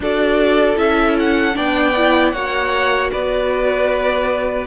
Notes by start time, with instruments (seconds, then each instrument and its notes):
0.00 cello D4, viola F#4, violin A4 D5
0.75 cello C#4, viola E4, violin E5
1.19 violin F#5
1.53 cello B3, viola D4, violin D5 G5
1.96 viola E4
2.31 cello A#3, viola F#4, violin C#5 F#5
3.11 cello B3, violin B4 D5